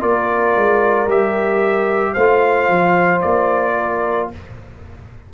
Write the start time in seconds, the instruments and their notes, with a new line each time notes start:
0.00 tuba A#3, trombone F4, horn A#4, trumpet D5
0.55 tuba G#3
1.07 tuba G3, trombone G4, trumpet E5
2.13 tuba A3, horn C5, trumpet F5
2.19 trombone F4
2.69 tuba F3
3.21 tuba A#3, trumpet D5
3.77 horn A#4